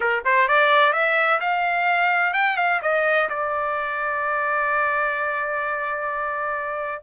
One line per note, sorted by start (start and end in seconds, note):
0.00 0.23 A#4
0.25 0.48 C5
0.48 0.93 D5
0.93 1.39 E5
1.40 2.33 F5
2.33 2.57 G5
2.57 2.80 F5
2.81 3.28 D#5
3.29 7.03 D5